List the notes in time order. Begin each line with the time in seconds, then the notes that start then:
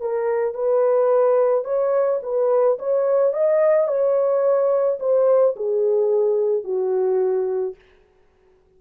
0.00 A#4
0.54 B4
1.64 C#5
2.22 B4
2.79 C#5
3.33 D#5
3.87 C#5
4.99 C5
5.56 G#4
6.64 F#4